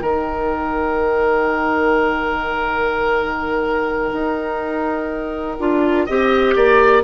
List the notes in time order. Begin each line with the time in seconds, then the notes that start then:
0.00 D#3 D#4 A#4 G5
4.12 D#4
5.58 D4 F4
6.05 C4 G4 D#5
6.55 A#3 D5